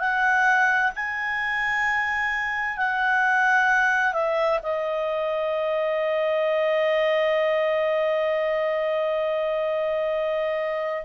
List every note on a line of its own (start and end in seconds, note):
0.00 0.92 F#5
0.96 2.77 G#5
2.77 4.13 F#5
4.13 4.59 E5
4.63 11.05 D#5